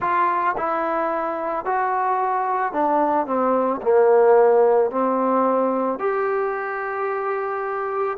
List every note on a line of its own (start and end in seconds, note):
0.00 0.55 F4
0.57 1.65 E4
1.65 2.72 F#4
2.72 3.26 D4
3.26 3.81 C4
3.82 4.91 A#3
4.91 5.99 C4
5.99 8.17 G4